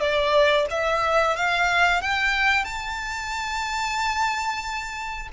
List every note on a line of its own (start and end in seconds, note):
0.00 0.66 D5
0.70 1.36 E5
1.36 2.01 F5
2.01 2.64 G5
2.64 5.28 A5